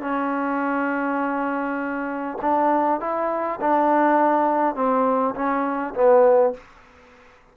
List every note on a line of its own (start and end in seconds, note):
0.00 2.38 C#4
2.41 3.00 D4
3.00 3.59 E4
3.60 4.75 D4
4.75 5.34 C4
5.34 5.94 C#4
5.94 6.53 B3